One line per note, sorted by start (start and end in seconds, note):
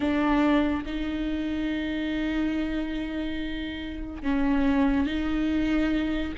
0.00 0.84 D4
0.85 4.23 D#4
4.23 5.06 C#4
5.06 6.33 D#4